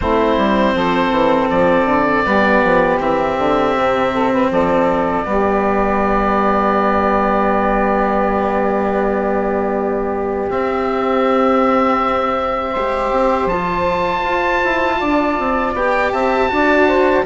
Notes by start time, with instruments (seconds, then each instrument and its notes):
0.00 bassoon A3, cello C4, saxophone E4, oboe C5
0.37 bassoon G3
0.74 bassoon F3, saxophone A4
1.10 bassoon E3
1.50 bassoon F3, oboe D5
1.85 bassoon D3
2.26 bassoon G3, cello B3, saxophone G4
2.63 bassoon F3
2.99 bassoon E3, cello C4, oboe E5
3.37 bassoon D3
3.76 bassoon C3
4.13 saxophone A4
4.32 saxophone B4
4.50 bassoon F3, saxophone A4, oboe D5
5.25 bassoon G3, cello B3, saxophone G4
10.49 bassoon C4, cello C4, oboe E5
12.70 bassoon G#3, cello G4, saxophone C5
13.11 bassoon C4
13.45 bassoon F3, oboe A5
13.53 cello F4
14.23 bassoon F4
14.64 bassoon E4
14.99 bassoon D4, saxophone D5
15.39 bassoon C4
15.73 bassoon B3, cello G4, oboe G5
16.12 bassoon C4, saxophone E5, oboe A5
16.49 bassoon D4, cello F#4, saxophone D5
16.87 saxophone C5